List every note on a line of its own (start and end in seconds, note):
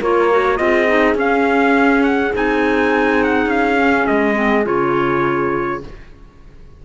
0.00 0.60 A#3
0.00 0.31 F4
0.00 0.58 A#4
0.00 0.57 C#5
0.31 0.57 F#4
0.57 1.15 C4
0.57 0.87 F4
0.57 5.86 G#4
0.57 1.15 D#5
0.87 1.16 D#4
1.15 2.32 C#4
1.15 2.33 C#4
1.15 2.04 F5
2.04 2.33 F#5
2.34 3.47 C4
2.34 3.77 D#4
2.34 3.24 G#5
3.24 3.50 F#5
3.47 4.05 C#4
3.47 4.07 F5
3.77 4.35 C#4
4.07 4.67 G#3
4.07 4.65 D#5
4.35 4.64 C4
4.65 5.83 C#3
4.65 5.81 F4
4.65 5.83 C#5